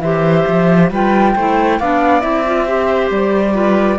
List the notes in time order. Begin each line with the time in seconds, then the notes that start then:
0.00 E3 G4 C5 E5
0.48 F3
0.91 G3 F4 B4 G5
1.35 A3 E4 C5
1.79 B3 D4 D5 F5
2.20 C4 E4 E5
2.46 F4
2.66 G4 C5
3.11 G3 D5
3.53 F4 B4